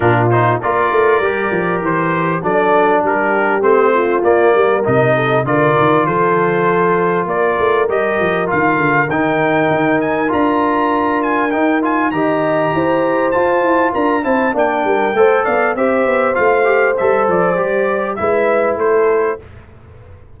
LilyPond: <<
  \new Staff \with { instrumentName = "trumpet" } { \time 4/4 \tempo 4 = 99 ais'8 c''8 d''2 c''4 | d''4 ais'4 c''4 d''4 | dis''4 d''4 c''2 | d''4 dis''4 f''4 g''4~ |
g''8 gis''8 ais''4. gis''8 g''8 gis''8 | ais''2 a''4 ais''8 a''8 | g''4. f''8 e''4 f''4 | e''8 d''4. e''4 c''4 | }
  \new Staff \with { instrumentName = "horn" } { \time 4/4 f'4 ais'2. | a'4 g'4. f'4 ais'8~ | ais'8 a'8 ais'4 a'2 | ais'1~ |
ais'1 | dis''4 c''2 ais'8 c''8 | d''8 ais'8 c''8 d''8 c''2~ | c''2 b'4 a'4 | }
  \new Staff \with { instrumentName = "trombone" } { \time 4/4 d'8 dis'8 f'4 g'2 | d'2 c'4 ais4 | dis'4 f'2.~ | f'4 g'4 f'4 dis'4~ |
dis'4 f'2 dis'8 f'8 | g'2 f'4. e'8 | d'4 a'4 g'4 f'8 g'8 | a'4 g'4 e'2 | }
  \new Staff \with { instrumentName = "tuba" } { \time 4/4 ais,4 ais8 a8 g8 f8 e4 | fis4 g4 a4 ais8 g8 | c4 d8 dis8 f2 | ais8 a8 g8 f8 dis8 d8 dis4 |
dis'4 d'2 dis'4 | dis4 e'4 f'8 e'8 d'8 c'8 | ais8 g8 a8 b8 c'8 b8 a4 | g8 f8 g4 gis4 a4 | }
>>